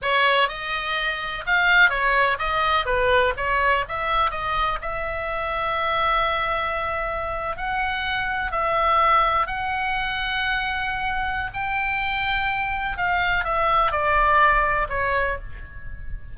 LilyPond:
\new Staff \with { instrumentName = "oboe" } { \time 4/4 \tempo 4 = 125 cis''4 dis''2 f''4 | cis''4 dis''4 b'4 cis''4 | e''4 dis''4 e''2~ | e''2.~ e''8. fis''16~ |
fis''4.~ fis''16 e''2 fis''16~ | fis''1 | g''2. f''4 | e''4 d''2 cis''4 | }